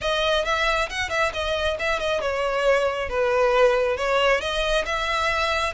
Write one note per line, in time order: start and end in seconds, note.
0.01 0.45 D#5
0.45 0.89 E5
0.89 1.09 F#5
1.09 1.31 E5
1.33 1.77 D#5
1.79 1.99 E5
1.99 2.21 D#5
2.21 3.09 C#5
3.09 3.97 B4
3.97 4.40 C#5
4.40 4.84 D#5
4.85 5.73 E5